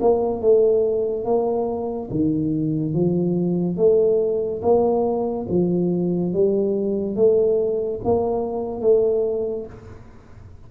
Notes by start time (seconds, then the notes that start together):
0.00 A#3
0.41 A3
1.24 A#3
2.10 D#3
2.93 F3
3.76 A3
4.62 A#3
5.48 F3
6.33 G3
7.15 A3
8.04 A#3
8.81 A3